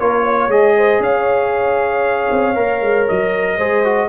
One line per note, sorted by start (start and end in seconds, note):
0.00 0.48 A#3
0.00 0.50 F4
0.00 0.23 A#4
0.00 0.51 C#5
0.23 0.74 C#5
0.48 0.99 G#3
0.48 2.55 G#4
0.48 1.03 D#5
0.77 1.03 C5
1.00 2.28 C#4
1.00 3.58 C#5
1.00 3.08 F5
2.31 2.56 C4
2.55 2.82 A#3
2.55 3.58 A#4
2.82 3.07 G#3
3.08 3.58 F#3
3.08 4.09 D#5
3.58 4.09 G#3
3.58 3.85 G#4
3.58 4.09 C5
3.85 4.09 F#4